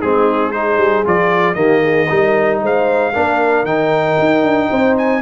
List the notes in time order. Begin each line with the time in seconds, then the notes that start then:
0.00 G#3 C4 D#4 G#4
0.52 D#4 G#4 C5
0.77 G3
1.05 F3 F4 D5
1.54 D#3 A#3 G4 D#5
1.81 G#4
2.09 G3 D#4 A#4
2.62 G#3 C5 F5
3.12 A#3 D4 A#4
3.64 D#3 D#4 G5
4.19 D#4
4.42 D4
4.69 C4 C5
4.97 G#5